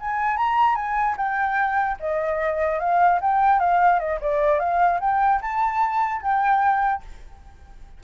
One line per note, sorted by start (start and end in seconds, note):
0.00 0.37 G#5
0.37 0.75 A#5
0.75 1.16 G#5
1.17 1.97 G5
2.00 2.79 D#5
2.79 3.20 F5
3.21 3.59 G5
3.59 3.99 F5
3.99 4.20 D#5
4.21 4.59 D5
4.59 5.00 F5
5.00 5.41 G5
5.41 6.22 A5
6.22 7.02 G5